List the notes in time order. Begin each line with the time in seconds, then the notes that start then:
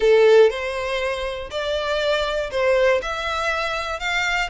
0.00 A4
0.50 C5
1.50 D5
2.51 C5
3.02 E5
3.99 F5